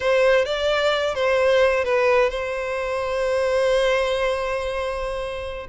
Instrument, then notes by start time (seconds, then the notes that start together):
violin
0.00 C5
0.45 D5
1.14 C5
1.84 B4
2.30 C5